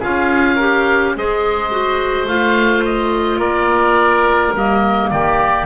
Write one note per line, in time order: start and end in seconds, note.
0.00 1.16 C#4
0.00 0.59 F4
0.00 0.55 G#4
0.00 1.17 F5
0.55 1.16 G4
0.55 1.12 A#4
1.16 2.26 G#3
1.16 1.71 G#4
1.16 3.39 C5
1.16 2.28 D#5
1.71 2.27 F#4
2.26 3.37 A3
2.26 4.54 F4
2.26 2.84 F5
2.85 3.40 D#5
3.37 4.50 A#3
3.37 5.08 A#4
3.37 4.54 D5
4.54 5.11 G3
4.54 5.66 A#3
4.54 5.10 D#5
5.10 5.66 D#3
5.10 5.66 G4
5.10 5.66 D5